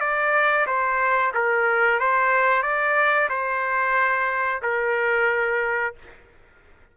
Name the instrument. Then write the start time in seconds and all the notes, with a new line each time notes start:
trumpet
0.00 D5
0.66 C5
1.34 A#4
1.99 C5
2.62 D5
3.29 C5
4.62 A#4